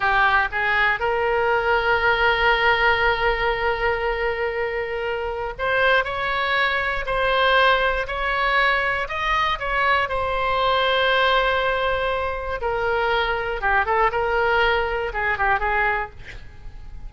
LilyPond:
\new Staff \with { instrumentName = "oboe" } { \time 4/4 \tempo 4 = 119 g'4 gis'4 ais'2~ | ais'1~ | ais'2. c''4 | cis''2 c''2 |
cis''2 dis''4 cis''4 | c''1~ | c''4 ais'2 g'8 a'8 | ais'2 gis'8 g'8 gis'4 | }